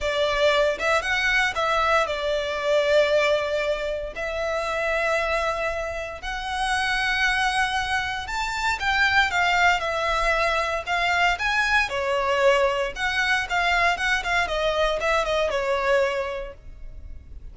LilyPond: \new Staff \with { instrumentName = "violin" } { \time 4/4 \tempo 4 = 116 d''4. e''8 fis''4 e''4 | d''1 | e''1 | fis''1 |
a''4 g''4 f''4 e''4~ | e''4 f''4 gis''4 cis''4~ | cis''4 fis''4 f''4 fis''8 f''8 | dis''4 e''8 dis''8 cis''2 | }